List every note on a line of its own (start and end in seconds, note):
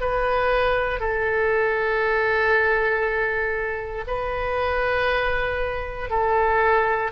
0.00 0.99 B4
0.99 4.04 A4
4.07 6.10 B4
6.10 7.11 A4